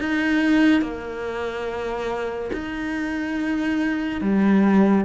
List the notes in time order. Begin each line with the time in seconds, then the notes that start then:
0.00 D#4
0.82 A#3
2.53 D#4
4.21 G3